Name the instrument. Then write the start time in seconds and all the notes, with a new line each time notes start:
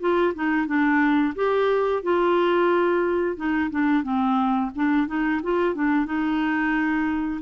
clarinet
0.00 F4
0.34 D#4
0.67 D4
1.35 G4
2.03 F4
3.36 D#4
3.70 D4
4.03 C4
4.75 D4
5.07 D#4
5.43 F4
5.75 D4
6.06 D#4